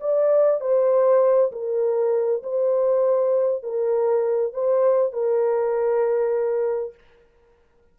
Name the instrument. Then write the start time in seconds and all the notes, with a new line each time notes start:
horn
0.00 D5
0.60 C5
1.52 A#4
2.43 C5
3.63 A#4
4.53 C5
5.12 A#4